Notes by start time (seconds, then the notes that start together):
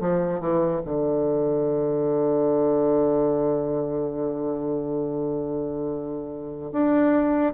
0.00 F3
0.40 E3
0.85 D3
6.72 D4